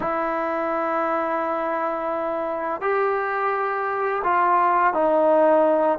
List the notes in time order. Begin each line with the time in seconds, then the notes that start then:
0.00 E4
2.81 G4
4.24 F4
4.93 D#4